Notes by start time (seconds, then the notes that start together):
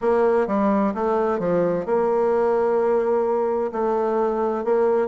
0.01 A#3
0.47 G3
0.94 A3
1.39 F3
1.85 A#3
3.72 A3
4.64 A#3